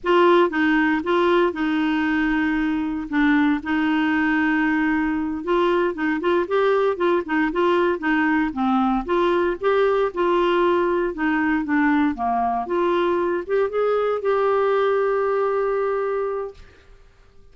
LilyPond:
\new Staff \with { instrumentName = "clarinet" } { \time 4/4 \tempo 4 = 116 f'4 dis'4 f'4 dis'4~ | dis'2 d'4 dis'4~ | dis'2~ dis'8 f'4 dis'8 | f'8 g'4 f'8 dis'8 f'4 dis'8~ |
dis'8 c'4 f'4 g'4 f'8~ | f'4. dis'4 d'4 ais8~ | ais8 f'4. g'8 gis'4 g'8~ | g'1 | }